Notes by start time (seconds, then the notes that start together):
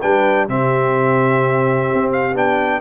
0.00 G3 D4 B4 G5
0.49 C3 C4 G4 E5
1.94 C4
2.12 F5
2.35 B3 D4 G5